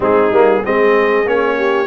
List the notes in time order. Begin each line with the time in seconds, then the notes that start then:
0.00 G#3 C4 D#4 G#4
0.30 G3 A#3
0.64 G#3 C4 G#4 D#5
1.25 A#3 C#4 C#5
1.57 G4